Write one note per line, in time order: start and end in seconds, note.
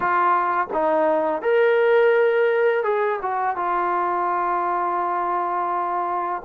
0.00 0.67 F4
0.73 1.42 D#4
1.42 2.83 A#4
2.83 3.19 G#4
3.21 3.56 F#4
3.56 6.42 F4